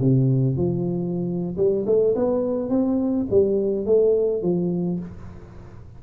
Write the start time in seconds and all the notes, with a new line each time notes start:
0.00 C3
0.57 F3
1.58 G3
1.87 A3
2.16 B3
2.70 C4
3.31 G3
3.86 A3
4.43 F3